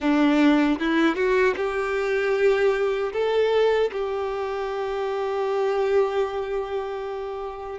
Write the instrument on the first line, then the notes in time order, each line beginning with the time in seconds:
violin
0.00 D4
0.79 E4
1.15 F#4
1.56 G4
3.12 A4
3.92 G4